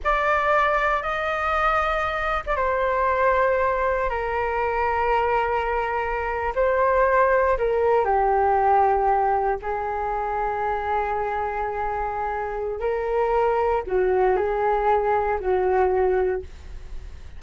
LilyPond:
\new Staff \with { instrumentName = "flute" } { \time 4/4 \tempo 4 = 117 d''2 dis''2~ | dis''8. d''16 c''2. | ais'1~ | ais'8. c''2 ais'4 g'16~ |
g'2~ g'8. gis'4~ gis'16~ | gis'1~ | gis'4 ais'2 fis'4 | gis'2 fis'2 | }